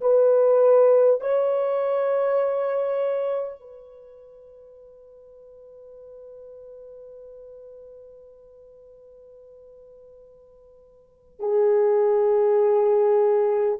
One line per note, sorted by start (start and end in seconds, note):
0.00 1.20 B4
1.20 3.59 C#5
3.59 11.39 B4
11.39 13.79 G#4